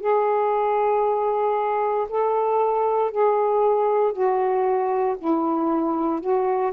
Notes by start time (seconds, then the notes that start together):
0.00 G#4
2.09 A4
3.11 G#4
4.12 F#4
5.18 E4
6.21 F#4